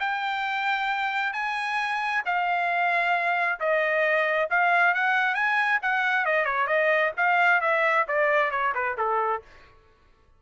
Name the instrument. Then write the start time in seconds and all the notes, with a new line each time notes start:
trumpet
0.00 G5
1.33 G#5
2.25 F5
3.60 D#5
4.50 F5
4.94 F#5
5.35 G#5
5.82 F#5
6.26 D#5
6.45 C#5
6.67 D#5
7.17 F5
7.61 E5
8.08 D5
8.51 C#5
8.75 B4
8.98 A4